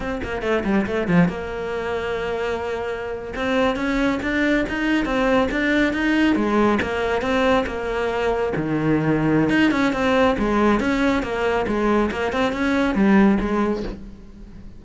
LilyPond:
\new Staff \with { instrumentName = "cello" } { \time 4/4 \tempo 4 = 139 c'8 ais8 a8 g8 a8 f8 ais4~ | ais2.~ ais8. c'16~ | c'8. cis'4 d'4 dis'4 c'16~ | c'8. d'4 dis'4 gis4 ais16~ |
ais8. c'4 ais2 dis16~ | dis2 dis'8 cis'8 c'4 | gis4 cis'4 ais4 gis4 | ais8 c'8 cis'4 g4 gis4 | }